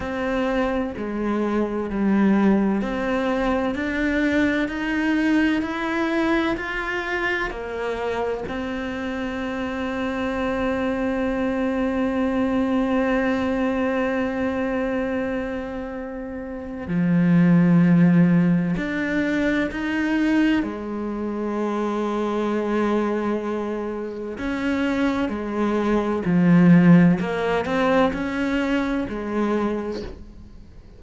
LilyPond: \new Staff \with { instrumentName = "cello" } { \time 4/4 \tempo 4 = 64 c'4 gis4 g4 c'4 | d'4 dis'4 e'4 f'4 | ais4 c'2.~ | c'1~ |
c'2 f2 | d'4 dis'4 gis2~ | gis2 cis'4 gis4 | f4 ais8 c'8 cis'4 gis4 | }